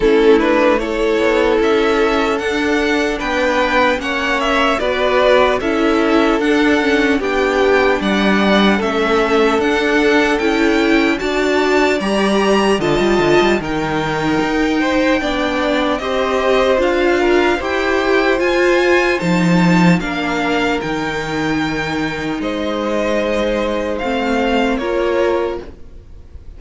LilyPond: <<
  \new Staff \with { instrumentName = "violin" } { \time 4/4 \tempo 4 = 75 a'8 b'8 cis''4 e''4 fis''4 | g''4 fis''8 e''8 d''4 e''4 | fis''4 g''4 fis''4 e''4 | fis''4 g''4 a''4 ais''4 |
a''4 g''2. | dis''4 f''4 g''4 gis''4 | a''4 f''4 g''2 | dis''2 f''4 cis''4 | }
  \new Staff \with { instrumentName = "violin" } { \time 4/4 e'4 a'2. | b'4 cis''4 b'4 a'4~ | a'4 g'4 d''4 a'4~ | a'2 d''2 |
dis''4 ais'4. c''8 d''4 | c''4. ais'8 c''2~ | c''4 ais'2. | c''2. ais'4 | }
  \new Staff \with { instrumentName = "viola" } { \time 4/4 cis'8 d'8 e'2 d'4~ | d'4 cis'4 fis'4 e'4 | d'8 cis'8 d'2 cis'4 | d'4 e'4 fis'4 g'4 |
f'4 dis'2 d'4 | g'4 f'4 g'4 f'4 | dis'4 d'4 dis'2~ | dis'2 c'4 f'4 | }
  \new Staff \with { instrumentName = "cello" } { \time 4/4 a4. b8 cis'4 d'4 | b4 ais4 b4 cis'4 | d'4 b4 g4 a4 | d'4 cis'4 d'4 g4 |
d16 g16 d16 g16 dis4 dis'4 b4 | c'4 d'4 e'4 f'4 | f4 ais4 dis2 | gis2 a4 ais4 | }
>>